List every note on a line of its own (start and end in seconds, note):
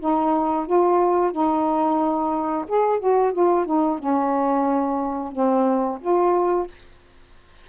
0.00 0.67 D#4
0.67 1.32 F4
1.32 2.65 D#4
2.68 3.00 G#4
3.00 3.33 F#4
3.33 3.66 F4
3.66 3.99 D#4
3.99 5.32 C#4
5.32 5.99 C4
6.01 6.68 F4